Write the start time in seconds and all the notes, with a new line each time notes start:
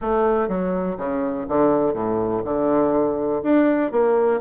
0.01 A3
0.48 F#3
0.97 C#3
1.48 D3
1.93 A2
2.44 D3
3.43 D4
3.91 A#3